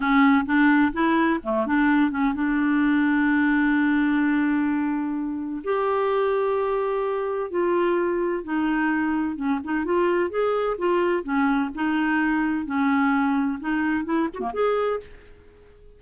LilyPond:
\new Staff \with { instrumentName = "clarinet" } { \time 4/4 \tempo 4 = 128 cis'4 d'4 e'4 a8 d'8~ | d'8 cis'8 d'2.~ | d'1 | g'1 |
f'2 dis'2 | cis'8 dis'8 f'4 gis'4 f'4 | cis'4 dis'2 cis'4~ | cis'4 dis'4 e'8 fis'16 ais16 gis'4 | }